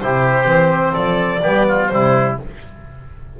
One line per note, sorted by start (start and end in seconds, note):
0.00 0.46 C3
0.00 0.45 E4
0.00 0.93 G4
0.00 0.94 C5
0.45 0.93 E3
0.45 1.39 C4
0.93 1.42 F3
0.93 1.40 A4
0.93 1.87 D5
1.42 1.91 G3
1.42 1.90 B3
1.42 1.66 G4
1.68 1.91 F4
1.87 2.39 C3
1.87 2.38 G3
1.87 2.34 C5
1.93 2.40 E4